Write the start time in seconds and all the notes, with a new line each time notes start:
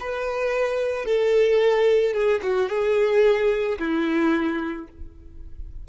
0.00 B4
1.06 A4
2.14 G#4
2.43 F#4
2.69 G#4
3.79 E4